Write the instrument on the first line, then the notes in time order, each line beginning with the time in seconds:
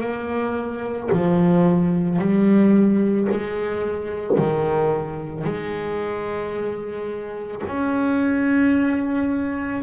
double bass
0.00 A#3
1.12 F3
2.18 G3
3.31 G#3
4.37 D#3
5.43 G#3
7.67 C#4